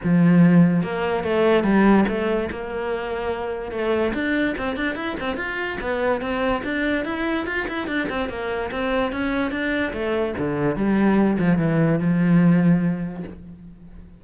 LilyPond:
\new Staff \with { instrumentName = "cello" } { \time 4/4 \tempo 4 = 145 f2 ais4 a4 | g4 a4 ais2~ | ais4 a4 d'4 c'8 d'8 | e'8 c'8 f'4 b4 c'4 |
d'4 e'4 f'8 e'8 d'8 c'8 | ais4 c'4 cis'4 d'4 | a4 d4 g4. f8 | e4 f2. | }